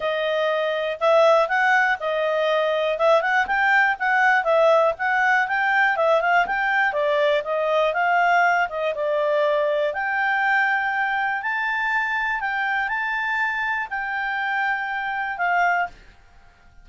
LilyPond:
\new Staff \with { instrumentName = "clarinet" } { \time 4/4 \tempo 4 = 121 dis''2 e''4 fis''4 | dis''2 e''8 fis''8 g''4 | fis''4 e''4 fis''4 g''4 | e''8 f''8 g''4 d''4 dis''4 |
f''4. dis''8 d''2 | g''2. a''4~ | a''4 g''4 a''2 | g''2. f''4 | }